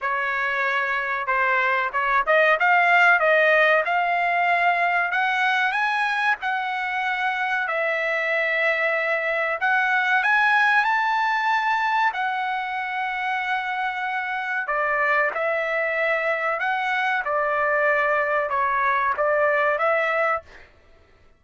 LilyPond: \new Staff \with { instrumentName = "trumpet" } { \time 4/4 \tempo 4 = 94 cis''2 c''4 cis''8 dis''8 | f''4 dis''4 f''2 | fis''4 gis''4 fis''2 | e''2. fis''4 |
gis''4 a''2 fis''4~ | fis''2. d''4 | e''2 fis''4 d''4~ | d''4 cis''4 d''4 e''4 | }